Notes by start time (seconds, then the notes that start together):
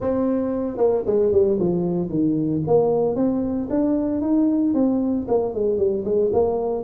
0.00 C4
0.77 A#3
1.06 G#3
1.32 G3
1.59 F3
2.09 D#3
2.67 A#3
3.15 C4
3.69 D4
4.21 D#4
4.74 C4
5.28 A#3
5.54 G#3
5.78 G3
6.04 G#3
6.32 A#3